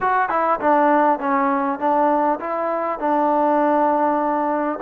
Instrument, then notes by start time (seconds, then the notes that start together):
trombone
0.01 F#4
0.29 E4
0.59 D4
1.19 C#4
1.79 D4
2.39 E4
2.99 D4